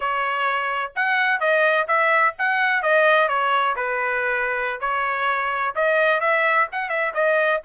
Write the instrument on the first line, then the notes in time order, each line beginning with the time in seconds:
trumpet
0.00 C#5
0.95 F#5
1.39 D#5
1.87 E5
2.38 F#5
2.82 D#5
3.28 C#5
3.76 B4
4.80 C#5
5.75 D#5
6.20 E5
6.72 F#5
6.89 E5
7.14 D#5